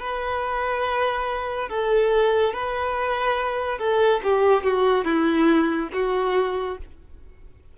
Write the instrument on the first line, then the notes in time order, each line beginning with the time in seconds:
violin
0.00 B4
1.69 A4
2.54 B4
3.78 A4
4.24 G4
4.63 F#4
5.05 E4
5.93 F#4